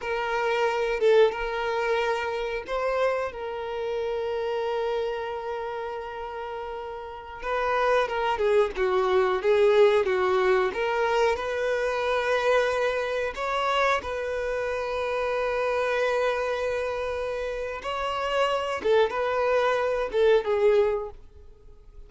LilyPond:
\new Staff \with { instrumentName = "violin" } { \time 4/4 \tempo 4 = 91 ais'4. a'8 ais'2 | c''4 ais'2.~ | ais'2.~ ais'16 b'8.~ | b'16 ais'8 gis'8 fis'4 gis'4 fis'8.~ |
fis'16 ais'4 b'2~ b'8.~ | b'16 cis''4 b'2~ b'8.~ | b'2. cis''4~ | cis''8 a'8 b'4. a'8 gis'4 | }